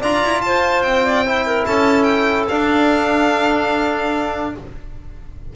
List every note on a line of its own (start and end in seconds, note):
0.00 0.23 D4
0.00 1.26 F4
0.00 0.41 D5
0.00 0.42 A#5
0.24 0.44 E4
0.42 0.83 F4
0.42 1.05 C5
0.42 0.83 A5
0.83 1.65 C4
0.83 1.65 G5
1.05 1.24 D5
1.24 2.50 E4
1.24 1.45 C5
1.46 1.67 A#4
1.67 2.50 C#4
1.67 4.55 A4
1.67 2.04 A5
2.04 2.45 G5
2.48 4.55 D4
2.48 4.56 D4
2.48 4.54 F5